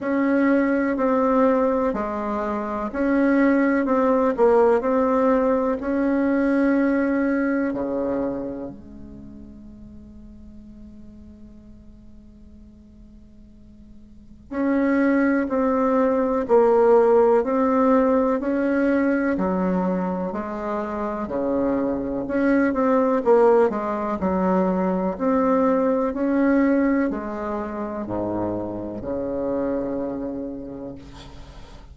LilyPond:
\new Staff \with { instrumentName = "bassoon" } { \time 4/4 \tempo 4 = 62 cis'4 c'4 gis4 cis'4 | c'8 ais8 c'4 cis'2 | cis4 gis2.~ | gis2. cis'4 |
c'4 ais4 c'4 cis'4 | fis4 gis4 cis4 cis'8 c'8 | ais8 gis8 fis4 c'4 cis'4 | gis4 gis,4 cis2 | }